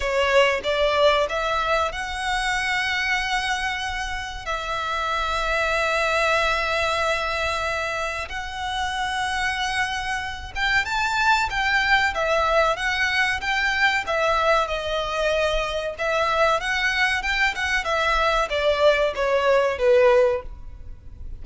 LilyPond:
\new Staff \with { instrumentName = "violin" } { \time 4/4 \tempo 4 = 94 cis''4 d''4 e''4 fis''4~ | fis''2. e''4~ | e''1~ | e''4 fis''2.~ |
fis''8 g''8 a''4 g''4 e''4 | fis''4 g''4 e''4 dis''4~ | dis''4 e''4 fis''4 g''8 fis''8 | e''4 d''4 cis''4 b'4 | }